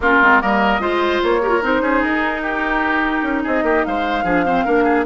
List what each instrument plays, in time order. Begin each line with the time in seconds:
0.00 bassoon A#3, clarinet C#4, oboe F4, flute A#4
0.21 bassoon G#3, clarinet C4
0.40 bassoon G3, clarinet A#3, oboe A#4, flute D#5
0.79 bassoon G#3, clarinet F4, oboe C5
1.22 bassoon A#3, flute C#5
1.41 clarinet G4, oboe A#4
1.49 clarinet F4
1.62 bassoon C4, clarinet D#4, flute C5
1.81 bassoon C#4, oboe G#4
2.03 bassoon D#4, flute A#4
2.42 oboe G4
3.22 bassoon C#4
3.43 bassoon C4, oboe G#4, flute D#5
3.62 bassoon A#3, oboe G4
3.85 bassoon G#3, oboe C5, flute F5
4.23 bassoon F3, clarinet D4, oboe G#4
4.45 clarinet C4, oboe C5
4.64 bassoon A#3, clarinet D4, oboe A#4
4.84 oboe G#4